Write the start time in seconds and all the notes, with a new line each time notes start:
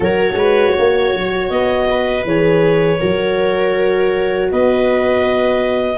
0.00 F#3 F#4 A#4 C#5
0.34 G#3 B4
0.73 A#3 C#5
1.15 F#3
1.49 B3 D#5
1.90 B4
2.24 E3 G#4 C#5
2.99 F#3 F#4 A#4
4.51 B3 B4 D#5